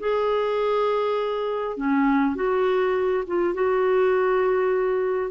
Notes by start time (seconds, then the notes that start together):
0.00 G#4
1.77 C#4
2.35 F#4
3.27 F4
3.54 F#4